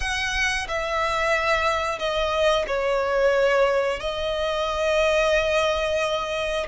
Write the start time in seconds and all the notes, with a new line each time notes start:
0.00 F#5
0.68 E5
1.98 D#5
2.67 C#5
4.00 D#5